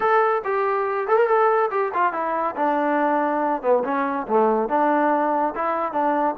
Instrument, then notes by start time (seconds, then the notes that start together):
trombone
0.00 A4
0.44 G4
1.07 A4
1.16 A#4
1.27 A4
1.70 G4
1.94 F4
2.12 E4
2.55 D4
3.62 B3
3.84 C#4
4.27 A3
4.68 D4
5.55 E4
5.92 D4